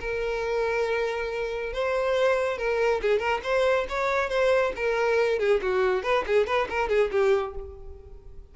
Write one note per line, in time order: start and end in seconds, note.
0.00 1.73 A#4
1.73 2.58 C5
2.58 3.01 A#4
3.02 3.19 G#4
3.19 3.40 A#4
3.43 3.86 C5
3.89 4.29 C#5
4.29 4.72 C5
4.75 5.39 A#4
5.39 5.60 G#4
5.62 6.03 F#4
6.03 6.24 B4
6.26 6.46 G#4
6.46 6.68 B4
6.69 6.89 A#4
6.89 7.10 G#4
7.11 7.54 G4